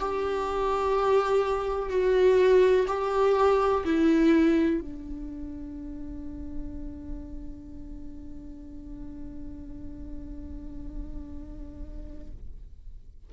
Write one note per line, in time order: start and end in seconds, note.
0.00 1.90 G4
1.90 2.86 F#4
2.87 3.84 G4
3.85 4.81 E4
4.81 12.31 D4